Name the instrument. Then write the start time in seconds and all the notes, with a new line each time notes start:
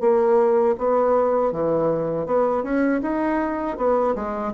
bassoon
0.00 A#3
0.78 B3
1.52 E3
2.26 B3
2.63 C#4
3.02 D#4
3.77 B3
4.15 G#3